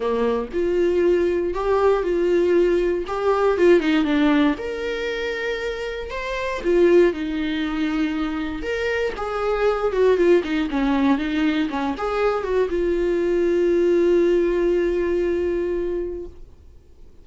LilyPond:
\new Staff \with { instrumentName = "viola" } { \time 4/4 \tempo 4 = 118 ais4 f'2 g'4 | f'2 g'4 f'8 dis'8 | d'4 ais'2. | c''4 f'4 dis'2~ |
dis'4 ais'4 gis'4. fis'8 | f'8 dis'8 cis'4 dis'4 cis'8 gis'8~ | gis'8 fis'8 f'2.~ | f'1 | }